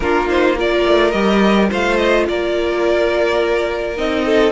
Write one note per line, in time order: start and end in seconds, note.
0.00 0.85 A#3
0.00 0.26 D4
0.00 0.58 F4
0.00 0.28 A#4
0.26 0.55 D#4
0.26 0.57 C5
0.56 1.13 F4
0.56 1.69 A#4
0.56 1.11 D5
0.85 1.13 A3
1.11 1.70 G3
1.11 1.69 G4
1.11 1.67 D#5
1.69 2.28 A3
1.69 3.96 F4
1.69 2.26 C5
1.69 1.97 F5
1.97 2.25 D#5
2.28 3.98 A#3
2.28 4.25 A#4
2.28 3.97 D5
3.96 4.51 C4
3.96 4.51 D#4
3.96 4.51 D#5
4.25 4.51 A4